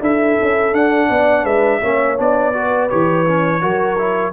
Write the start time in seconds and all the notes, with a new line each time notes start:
0.00 D4 E4 A4 E5
0.41 C#4
0.72 D4 F#5
1.09 B3 D5
1.43 G#3 B4 E5
1.80 A#3 C#4 C#5
2.16 B3 D4 D5
2.53 F#4 B4
2.89 E3 G4 C#5
3.28 C#4
3.60 F#3 F#4 A#4
3.98 E4